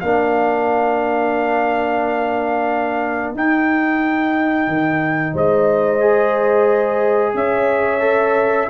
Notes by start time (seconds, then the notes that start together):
0.00 A#3 D4 A#4 F5
3.35 D#4 G5
4.67 D#3
5.33 G#3 C5 D#5
6.00 G#4
7.34 C#4 C#5 E5
8.00 A4